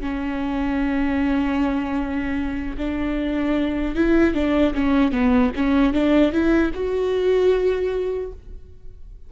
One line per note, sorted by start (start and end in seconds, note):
0.00 2.76 C#4
2.77 3.95 D4
3.95 4.34 E4
4.34 4.74 D4
4.74 5.12 C#4
5.12 5.51 B3
5.56 5.93 C#4
5.93 6.32 D4
6.32 6.71 E4
6.74 8.32 F#4